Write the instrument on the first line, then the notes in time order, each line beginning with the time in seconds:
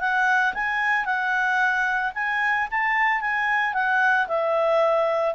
clarinet
0.00 F#5
0.54 G#5
1.05 F#5
2.15 G#5
2.71 A5
3.21 G#5
3.74 F#5
4.28 E5